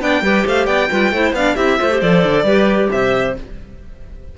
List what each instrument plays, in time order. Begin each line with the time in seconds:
0.00 cello B3, clarinet D4 D5, violin G5
0.22 cello G3, clarinet G4 B4
0.45 cello A3, clarinet C5, violin F5
0.66 cello B3, clarinet D5, violin G5
0.90 cello G3, clarinet F4 B4
1.11 cello A3, clarinet E4 C5
1.32 cello B3, clarinet D4 D5, violin F5
1.55 cello C4, clarinet E4 G4, violin E5
1.78 cello A3, clarinet F4 C5
1.91 clarinet G4
2.01 cello F3, clarinet A4, violin D5
2.24 cello D3
2.44 cello G3, clarinet G4 B4
2.92 cello C3, clarinet C5, violin E5